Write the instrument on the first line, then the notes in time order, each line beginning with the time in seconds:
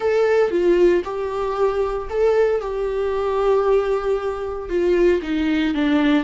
viola
0.00 A4
0.50 F4
1.04 G4
2.09 A4
2.61 G4
4.69 F4
5.22 D#4
5.74 D4